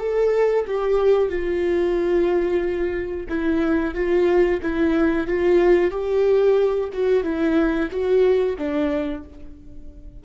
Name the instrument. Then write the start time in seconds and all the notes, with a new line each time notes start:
viola
0.00 A4
0.68 G4
1.30 F4
3.29 E4
3.95 F4
4.62 E4
5.28 F4
5.91 G4
6.93 F#4
7.23 E4
7.92 F#4
8.58 D4